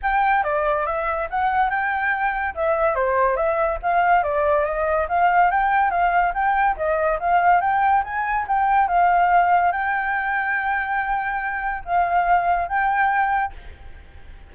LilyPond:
\new Staff \with { instrumentName = "flute" } { \time 4/4 \tempo 4 = 142 g''4 d''4 e''4 fis''4 | g''2 e''4 c''4 | e''4 f''4 d''4 dis''4 | f''4 g''4 f''4 g''4 |
dis''4 f''4 g''4 gis''4 | g''4 f''2 g''4~ | g''1 | f''2 g''2 | }